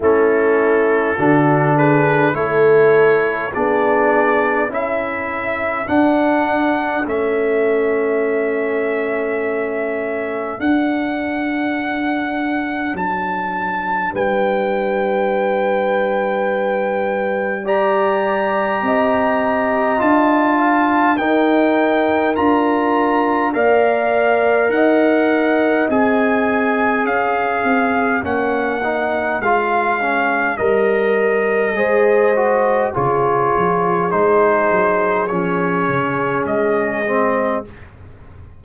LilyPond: <<
  \new Staff \with { instrumentName = "trumpet" } { \time 4/4 \tempo 4 = 51 a'4. b'8 cis''4 d''4 | e''4 fis''4 e''2~ | e''4 fis''2 a''4 | g''2. ais''4~ |
ais''4 a''4 g''4 ais''4 | f''4 fis''4 gis''4 f''4 | fis''4 f''4 dis''2 | cis''4 c''4 cis''4 dis''4 | }
  \new Staff \with { instrumentName = "horn" } { \time 4/4 e'4 fis'8 gis'8 a'4 gis'4 | a'1~ | a'1 | b'2. d''4 |
dis''4. f''8 ais'2 | d''4 dis''2 cis''4~ | cis''2. c''4 | gis'1 | }
  \new Staff \with { instrumentName = "trombone" } { \time 4/4 cis'4 d'4 e'4 d'4 | e'4 d'4 cis'2~ | cis'4 d'2.~ | d'2. g'4~ |
g'4 f'4 dis'4 f'4 | ais'2 gis'2 | cis'8 dis'8 f'8 cis'8 ais'4 gis'8 fis'8 | f'4 dis'4 cis'4. c'8 | }
  \new Staff \with { instrumentName = "tuba" } { \time 4/4 a4 d4 a4 b4 | cis'4 d'4 a2~ | a4 d'2 fis4 | g1 |
c'4 d'4 dis'4 d'4 | ais4 dis'4 c'4 cis'8 c'8 | ais4 gis4 g4 gis4 | cis8 f8 gis8 fis8 f8 cis8 gis4 | }
>>